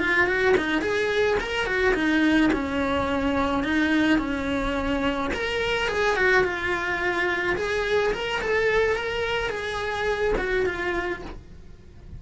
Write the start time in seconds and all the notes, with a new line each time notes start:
0.00 F4
0.27 F#4
0.58 D#4
0.82 G#4
1.40 A#4
1.66 F#4
1.94 D#4
2.53 C#4
3.64 D#4
4.19 C#4
5.34 A#4
5.88 G#4
6.16 F#4
6.44 F4
7.57 G#4
8.13 A#4
8.42 A4
8.96 A#4
9.50 G#4
10.38 F#4
10.66 F4